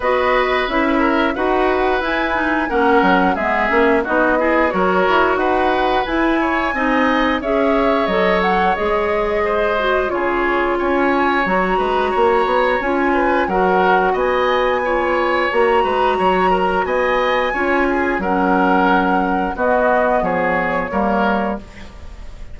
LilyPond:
<<
  \new Staff \with { instrumentName = "flute" } { \time 4/4 \tempo 4 = 89 dis''4 e''4 fis''4 gis''4 | fis''4 e''4 dis''4 cis''4 | fis''4 gis''2 e''4 | dis''8 fis''8 dis''2 cis''4 |
gis''4 ais''2 gis''4 | fis''4 gis''2 ais''4~ | ais''4 gis''2 fis''4~ | fis''4 dis''4 cis''2 | }
  \new Staff \with { instrumentName = "oboe" } { \time 4/4 b'4. ais'8 b'2 | ais'4 gis'4 fis'8 gis'8 ais'4 | b'4. cis''8 dis''4 cis''4~ | cis''2 c''4 gis'4 |
cis''4. b'8 cis''4. b'8 | ais'4 dis''4 cis''4. b'8 | cis''8 ais'8 dis''4 cis''8 gis'8 ais'4~ | ais'4 fis'4 gis'4 ais'4 | }
  \new Staff \with { instrumentName = "clarinet" } { \time 4/4 fis'4 e'4 fis'4 e'8 dis'8 | cis'4 b8 cis'8 dis'8 e'8 fis'4~ | fis'4 e'4 dis'4 gis'4 | a'4 gis'4. fis'8 f'4~ |
f'4 fis'2 f'4 | fis'2 f'4 fis'4~ | fis'2 f'4 cis'4~ | cis'4 b2 ais4 | }
  \new Staff \with { instrumentName = "bassoon" } { \time 4/4 b4 cis'4 dis'4 e'4 | ais8 fis8 gis8 ais8 b4 fis8 e'8 | dis'4 e'4 c'4 cis'4 | fis4 gis2 cis4 |
cis'4 fis8 gis8 ais8 b8 cis'4 | fis4 b2 ais8 gis8 | fis4 b4 cis'4 fis4~ | fis4 b4 f4 g4 | }
>>